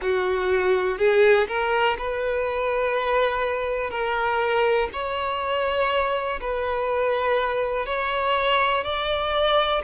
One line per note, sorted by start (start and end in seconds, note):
0.01 0.97 F#4
0.97 1.47 G#4
1.47 1.96 A#4
1.98 3.90 B4
3.90 4.89 A#4
4.92 6.40 C#5
6.41 7.86 B4
7.86 8.83 C#5
8.83 9.82 D5